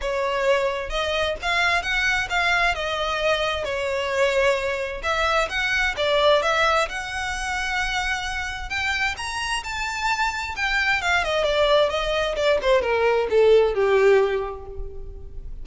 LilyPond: \new Staff \with { instrumentName = "violin" } { \time 4/4 \tempo 4 = 131 cis''2 dis''4 f''4 | fis''4 f''4 dis''2 | cis''2. e''4 | fis''4 d''4 e''4 fis''4~ |
fis''2. g''4 | ais''4 a''2 g''4 | f''8 dis''8 d''4 dis''4 d''8 c''8 | ais'4 a'4 g'2 | }